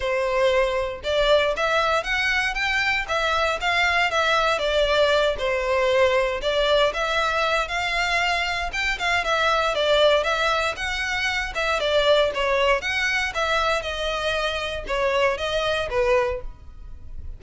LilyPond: \new Staff \with { instrumentName = "violin" } { \time 4/4 \tempo 4 = 117 c''2 d''4 e''4 | fis''4 g''4 e''4 f''4 | e''4 d''4. c''4.~ | c''8 d''4 e''4. f''4~ |
f''4 g''8 f''8 e''4 d''4 | e''4 fis''4. e''8 d''4 | cis''4 fis''4 e''4 dis''4~ | dis''4 cis''4 dis''4 b'4 | }